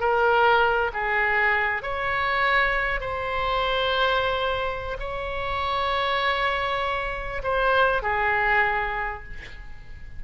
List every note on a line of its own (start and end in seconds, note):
0.00 0.91 A#4
0.93 1.82 G#4
1.82 3.00 C#5
3.00 4.97 C5
4.99 7.42 C#5
7.43 8.02 C5
8.02 9.23 G#4